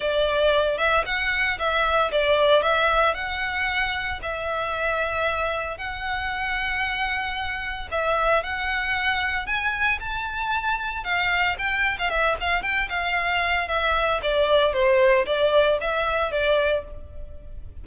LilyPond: \new Staff \with { instrumentName = "violin" } { \time 4/4 \tempo 4 = 114 d''4. e''8 fis''4 e''4 | d''4 e''4 fis''2 | e''2. fis''4~ | fis''2. e''4 |
fis''2 gis''4 a''4~ | a''4 f''4 g''8. f''16 e''8 f''8 | g''8 f''4. e''4 d''4 | c''4 d''4 e''4 d''4 | }